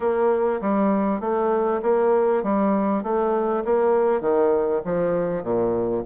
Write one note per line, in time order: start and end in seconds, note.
0.00 0.60 A#3
0.61 1.20 G3
1.20 1.81 A3
1.82 2.43 A#3
2.43 3.03 G3
3.03 3.63 A3
3.64 4.20 A#3
4.20 4.81 D#3
4.85 5.43 F3
5.43 6.03 A#2